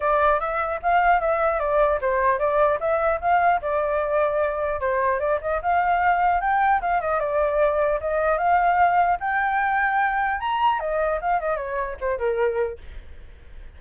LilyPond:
\new Staff \with { instrumentName = "flute" } { \time 4/4 \tempo 4 = 150 d''4 e''4 f''4 e''4 | d''4 c''4 d''4 e''4 | f''4 d''2. | c''4 d''8 dis''8 f''2 |
g''4 f''8 dis''8 d''2 | dis''4 f''2 g''4~ | g''2 ais''4 dis''4 | f''8 dis''8 cis''4 c''8 ais'4. | }